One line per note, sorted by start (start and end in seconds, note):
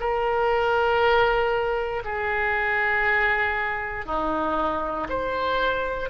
0.00 2.03 A#4
2.04 4.06 G#4
4.06 5.08 D#4
5.09 6.10 C5